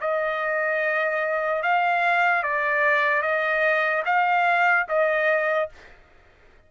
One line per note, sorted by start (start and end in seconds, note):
0.00 1.62 D#5
1.62 2.43 F5
2.43 3.22 D5
3.22 4.03 D#5
4.05 4.86 F5
4.88 5.69 D#5